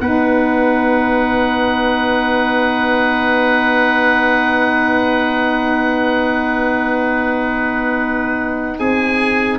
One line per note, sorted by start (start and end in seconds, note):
0.00 8.79 B3
0.00 9.59 D#4
0.00 8.79 B4
0.00 8.79 F#5
8.79 9.59 C4
8.79 9.59 G#4
8.79 9.59 G#5